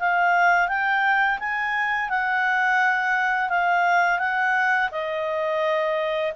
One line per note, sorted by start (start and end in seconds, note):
0.00 0.69 F5
0.69 1.39 G5
1.40 2.10 G#5
2.10 3.50 F#5
3.50 4.19 F5
4.19 4.90 F#5
4.92 6.33 D#5